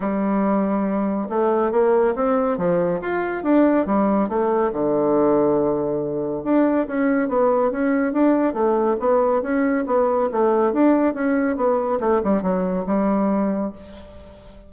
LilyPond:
\new Staff \with { instrumentName = "bassoon" } { \time 4/4 \tempo 4 = 140 g2. a4 | ais4 c'4 f4 f'4 | d'4 g4 a4 d4~ | d2. d'4 |
cis'4 b4 cis'4 d'4 | a4 b4 cis'4 b4 | a4 d'4 cis'4 b4 | a8 g8 fis4 g2 | }